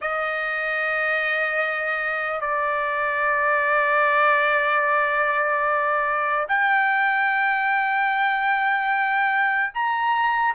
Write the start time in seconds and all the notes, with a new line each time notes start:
0.01 D#5
2.41 D5
6.48 G5
9.73 A#5